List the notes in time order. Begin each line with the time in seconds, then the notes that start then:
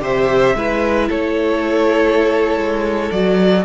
0.00 C3 G4 C5 E5
0.55 G#3 E4 B4
1.09 A3 A4 C#5
2.56 G#3
3.12 F#3 F#4 D5